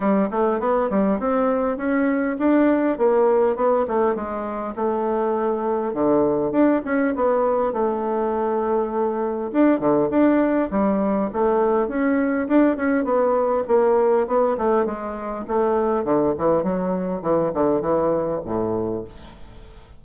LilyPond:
\new Staff \with { instrumentName = "bassoon" } { \time 4/4 \tempo 4 = 101 g8 a8 b8 g8 c'4 cis'4 | d'4 ais4 b8 a8 gis4 | a2 d4 d'8 cis'8 | b4 a2. |
d'8 d8 d'4 g4 a4 | cis'4 d'8 cis'8 b4 ais4 | b8 a8 gis4 a4 d8 e8 | fis4 e8 d8 e4 a,4 | }